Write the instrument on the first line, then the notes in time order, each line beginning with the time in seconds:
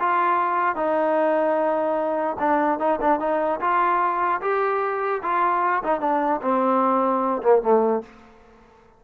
trombone
0.00 F4
0.76 D#4
2.40 D4
2.79 D#4
3.01 D4
3.20 D#4
3.61 F4
4.41 G4
5.23 F4
5.84 D#4
6.01 D4
6.42 C4
7.43 A#3
7.62 A3